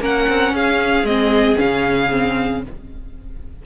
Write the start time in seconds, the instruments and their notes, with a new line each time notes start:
0.00 cello A#3, viola C#4, violin A#4 F#5
0.29 cello C4
0.52 cello C#4, violin G#4 F5
1.03 cello G#3, viola C4, violin D#5
1.56 cello C#3, viola C#4, violin F5
2.11 viola C4